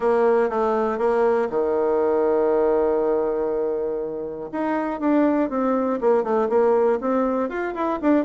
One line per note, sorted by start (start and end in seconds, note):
0.00 0.49 A#3
0.49 0.98 A3
0.98 1.48 A#3
1.50 4.50 D#3
4.52 5.00 D#4
5.00 5.49 D4
5.49 5.99 C4
6.00 6.23 A#3
6.23 6.48 A3
6.49 6.99 A#3
7.00 7.49 C4
7.49 7.74 F4
7.74 7.99 E4
8.01 8.25 D4